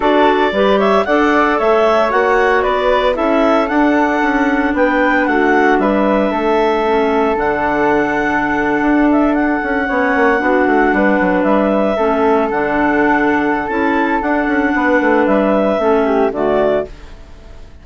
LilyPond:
<<
  \new Staff \with { instrumentName = "clarinet" } { \time 4/4 \tempo 4 = 114 d''4. e''8 fis''4 e''4 | fis''4 d''4 e''4 fis''4~ | fis''4 g''4 fis''4 e''4~ | e''2 fis''2~ |
fis''4~ fis''16 e''8 fis''2~ fis''16~ | fis''4.~ fis''16 e''2 fis''16~ | fis''2 a''4 fis''4~ | fis''4 e''2 d''4 | }
  \new Staff \with { instrumentName = "flute" } { \time 4/4 a'4 b'8 cis''8 d''4 cis''4~ | cis''4 b'4 a'2~ | a'4 b'4 fis'4 b'4 | a'1~ |
a'2~ a'8. cis''4 fis'16~ | fis'8. b'2 a'4~ a'16~ | a'1 | b'2 a'8 g'8 fis'4 | }
  \new Staff \with { instrumentName = "clarinet" } { \time 4/4 fis'4 g'4 a'2 | fis'2 e'4 d'4~ | d'1~ | d'4 cis'4 d'2~ |
d'2~ d'8. cis'4 d'16~ | d'2~ d'8. cis'4 d'16~ | d'2 e'4 d'4~ | d'2 cis'4 a4 | }
  \new Staff \with { instrumentName = "bassoon" } { \time 4/4 d'4 g4 d'4 a4 | ais4 b4 cis'4 d'4 | cis'4 b4 a4 g4 | a2 d2~ |
d8. d'4. cis'8 b8 ais8 b16~ | b16 a8 g8 fis8 g4 a4 d16~ | d2 cis'4 d'8 cis'8 | b8 a8 g4 a4 d4 | }
>>